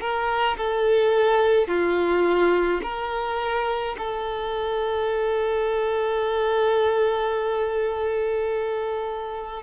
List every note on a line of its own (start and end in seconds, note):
0.00 0.57 A#4
0.57 1.67 A4
1.67 2.80 F4
2.83 3.96 A#4
3.98 9.62 A4